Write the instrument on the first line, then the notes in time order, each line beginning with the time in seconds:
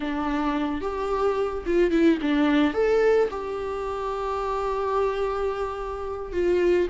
viola
0.00 D4
0.81 G4
1.66 F4
1.90 E4
2.21 D4
2.73 A4
3.30 G4
6.32 F4